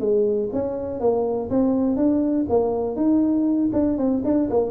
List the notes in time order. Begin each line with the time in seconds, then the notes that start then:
0.00 G#3
0.53 C#4
1.00 A#3
1.50 C4
1.96 D4
2.49 A#3
2.96 D#4
3.73 D4
3.98 C4
4.24 D4
4.50 A#3